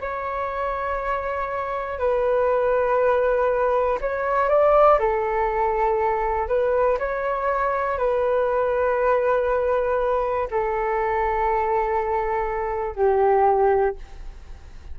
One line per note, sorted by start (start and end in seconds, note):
0.00 1.99 C#5
1.99 3.99 B4
4.00 4.49 C#5
4.49 4.99 D5
4.99 6.48 A4
6.48 6.98 B4
6.98 7.98 C#5
7.98 10.48 B4
10.50 12.95 A4
12.95 13.95 G4